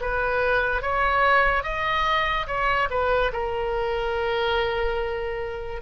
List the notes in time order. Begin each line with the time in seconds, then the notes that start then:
0.00 B4
0.81 C#5
1.63 D#5
2.47 C#5
2.90 B4
3.33 A#4